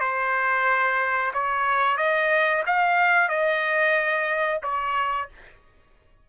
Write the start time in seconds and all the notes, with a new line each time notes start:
0.00 C5
1.34 C#5
1.97 D#5
2.66 F5
3.29 D#5
4.63 C#5